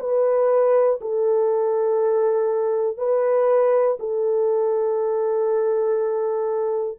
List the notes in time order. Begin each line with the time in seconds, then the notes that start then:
0.00 B4
1.01 A4
2.97 B4
4.00 A4